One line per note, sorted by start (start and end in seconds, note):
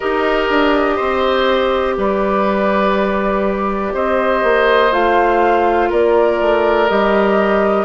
0.00 0.49 D#4
0.00 4.91 G4
0.00 0.96 A#4
0.00 1.96 D#5
0.49 0.99 D4
0.96 1.97 C4
0.96 1.94 C5
1.97 3.93 G3
1.97 3.93 B4
1.97 3.94 D5
3.93 4.43 C4
3.93 5.89 C5
3.93 4.92 D#5
4.43 4.92 A#3
4.91 5.90 A3
4.91 6.88 F4
4.91 5.91 F5
5.89 6.40 A#3
5.89 7.84 A#4
5.89 6.88 D5
6.40 6.90 A3
6.88 7.84 G3
6.88 7.84 G4
6.88 7.84 D#5